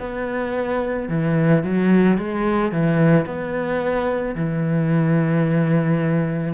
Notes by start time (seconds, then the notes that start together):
0.00 B3
1.09 E3
1.64 F#3
2.18 G#3
2.72 E3
3.26 B3
4.35 E3